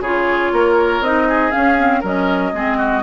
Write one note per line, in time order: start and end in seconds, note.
0.00 0.50 C#3
0.00 1.04 F4
0.00 0.52 G#4
0.00 1.03 C#5
0.52 1.01 A#3
0.52 1.28 A#4
1.01 1.51 C4
1.01 1.51 D#4
1.01 1.51 D#5
1.28 2.00 G#4
1.51 1.77 C#4
1.51 2.03 C#4
1.51 2.01 F5
1.78 2.03 C4
2.00 2.53 F#3
2.00 2.54 C#4
2.00 2.51 A#4
2.00 3.03 D#5
2.53 3.03 G#3
2.53 3.03 C4
2.53 2.78 G#4
2.78 3.03 F#4